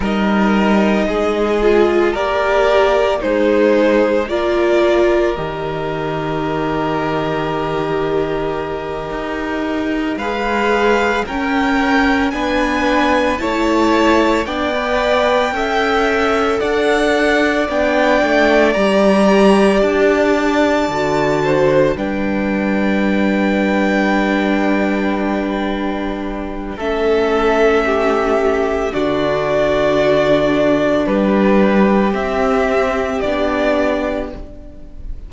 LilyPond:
<<
  \new Staff \with { instrumentName = "violin" } { \time 4/4 \tempo 4 = 56 dis''2 d''4 c''4 | d''4 dis''2.~ | dis''4. f''4 g''4 gis''8~ | gis''8 a''4 g''2 fis''8~ |
fis''8 g''4 ais''4 a''4.~ | a''8 g''2.~ g''8~ | g''4 e''2 d''4~ | d''4 b'4 e''4 d''4 | }
  \new Staff \with { instrumentName = "violin" } { \time 4/4 ais'4 gis'4 ais'4 dis'4 | ais'1~ | ais'4. b'4 ais'4 b'8~ | b'8 cis''4 d''4 e''4 d''8~ |
d''1 | c''8 b'2.~ b'8~ | b'4 a'4 g'4 fis'4~ | fis'4 g'2. | }
  \new Staff \with { instrumentName = "viola" } { \time 4/4 dis'4. f'8 g'4 gis'4 | f'4 g'2.~ | g'4. gis'4 cis'4 d'8~ | d'8 e'4 d'16 b'8. a'4.~ |
a'8 d'4 g'2 fis'8~ | fis'8 d'2.~ d'8~ | d'4 cis'2 d'4~ | d'2 c'4 d'4 | }
  \new Staff \with { instrumentName = "cello" } { \time 4/4 g4 gis4 ais4 gis4 | ais4 dis2.~ | dis8 dis'4 gis4 cis'4 b8~ | b8 a4 b4 cis'4 d'8~ |
d'8 b8 a8 g4 d'4 d8~ | d8 g2.~ g8~ | g4 a2 d4~ | d4 g4 c'4 b4 | }
>>